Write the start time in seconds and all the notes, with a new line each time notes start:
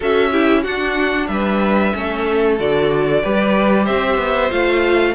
0.00 C#4 F#4 A4 E5
0.31 E4 G4
0.62 D4 F#4 F#5
1.27 G3 B4 E5
1.93 A3 C#4 A4
2.59 D3 F#4 D5
3.22 G3 G4 B4
3.84 C4 C5 E5
4.17 B3
4.50 A3 F4 F5